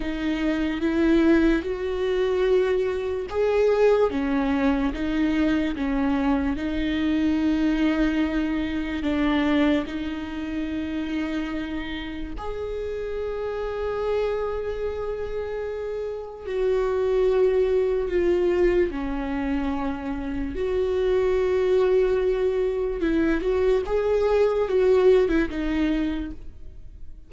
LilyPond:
\new Staff \with { instrumentName = "viola" } { \time 4/4 \tempo 4 = 73 dis'4 e'4 fis'2 | gis'4 cis'4 dis'4 cis'4 | dis'2. d'4 | dis'2. gis'4~ |
gis'1 | fis'2 f'4 cis'4~ | cis'4 fis'2. | e'8 fis'8 gis'4 fis'8. e'16 dis'4 | }